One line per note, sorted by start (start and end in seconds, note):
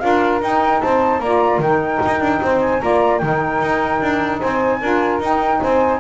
0.00 0.42 D4
0.00 0.40 F4
0.00 0.82 A#4
0.00 0.40 F5
0.42 0.82 D#4
0.42 1.23 D#4
0.42 0.81 G5
0.81 1.20 C4
0.81 1.22 C5
0.81 1.21 A5
1.20 1.59 A#3
1.20 1.64 F4
1.20 1.61 D5
1.20 1.61 A#5
1.59 1.99 D#3
1.59 2.41 A#4
1.59 2.61 G5
1.65 2.81 D#4
2.06 2.21 D#4
2.21 2.41 D4
2.42 2.82 C4
2.42 2.82 C5
2.61 2.81 G#5
2.81 3.22 A#3
2.81 3.21 F4
2.81 3.21 D5
2.81 3.19 A#5
3.19 3.61 D#3
3.19 4.81 D#4
3.19 4.40 A#4
3.19 4.39 G5
3.61 4.01 D#4
4.01 4.41 D4
4.40 4.82 C4
4.40 4.80 C5
4.40 5.21 G#5
4.80 5.20 D4
4.80 5.22 F4
4.80 5.60 A#4
5.20 5.60 D#4
5.20 6.00 D#4
5.20 5.62 G5
5.62 6.00 C4
5.62 6.00 C5
5.62 6.00 G#5